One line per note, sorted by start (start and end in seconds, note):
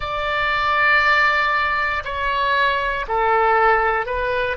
0.00 2.03 D5
2.04 3.06 C#5
3.07 4.05 A4
4.05 4.56 B4